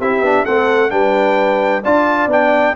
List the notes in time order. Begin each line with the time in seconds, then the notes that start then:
0.00 C4 E4 G4 E5
0.21 B3 D4
0.45 A3 C4 A4 F#5
0.90 G3 D4 B4 G5
1.84 D4 F4 D5 A5
2.27 B3 D4 G5